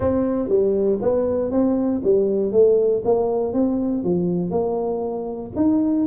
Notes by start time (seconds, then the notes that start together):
0.00 C4
0.48 G3
1.01 B3
1.51 C4
2.04 G3
2.52 A3
3.04 A#3
3.53 C4
4.03 F3
4.50 A#3
5.56 D#4